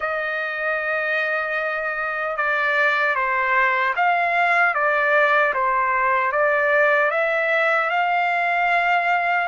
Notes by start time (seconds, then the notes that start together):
0.00 D#5
2.36 D5
3.15 C5
3.96 F5
4.74 D5
5.54 C5
6.32 D5
7.11 E5
7.89 F5